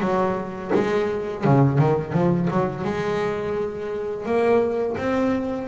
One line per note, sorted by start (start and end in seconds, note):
0.00 0.71 F#3
0.74 1.44 G#3
1.44 1.78 C#3
1.78 2.12 D#3
2.12 2.48 F3
2.50 2.84 F#3
2.84 4.25 G#3
4.25 4.96 A#3
4.97 5.68 C4